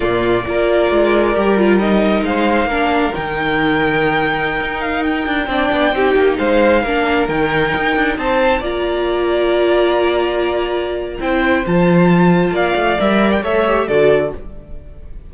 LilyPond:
<<
  \new Staff \with { instrumentName = "violin" } { \time 4/4 \tempo 4 = 134 d''1 | dis''4 f''2 g''4~ | g''2~ g''8. f''8 g''8.~ | g''2~ g''16 f''4.~ f''16~ |
f''16 g''2 a''4 ais''8.~ | ais''1~ | ais''4 g''4 a''2 | f''4 e''8. g''16 e''4 d''4 | }
  \new Staff \with { instrumentName = "violin" } { \time 4/4 f'4 ais'2.~ | ais'4 c''4 ais'2~ | ais'1~ | ais'16 d''4 g'4 c''4 ais'8.~ |
ais'2~ ais'16 c''4 d''8.~ | d''1~ | d''4 c''2. | d''2 cis''4 a'4 | }
  \new Staff \with { instrumentName = "viola" } { \time 4/4 ais4 f'2 g'8 f'8 | dis'2 d'4 dis'4~ | dis'1~ | dis'16 d'4 dis'2 d'8.~ |
d'16 dis'2. f'8.~ | f'1~ | f'4 e'4 f'2~ | f'4 ais'4 a'8 g'8 fis'4 | }
  \new Staff \with { instrumentName = "cello" } { \time 4/4 ais,4 ais4 gis4 g4~ | g4 gis4 ais4 dis4~ | dis2~ dis16 dis'4. d'16~ | d'16 c'8 b8 c'8 ais8 gis4 ais8.~ |
ais16 dis4 dis'8 d'8 c'4 ais8.~ | ais1~ | ais4 c'4 f2 | ais8 a8 g4 a4 d4 | }
>>